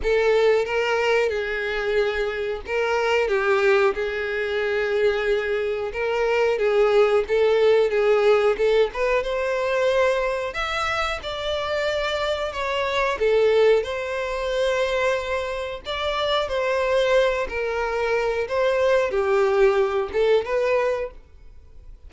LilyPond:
\new Staff \with { instrumentName = "violin" } { \time 4/4 \tempo 4 = 91 a'4 ais'4 gis'2 | ais'4 g'4 gis'2~ | gis'4 ais'4 gis'4 a'4 | gis'4 a'8 b'8 c''2 |
e''4 d''2 cis''4 | a'4 c''2. | d''4 c''4. ais'4. | c''4 g'4. a'8 b'4 | }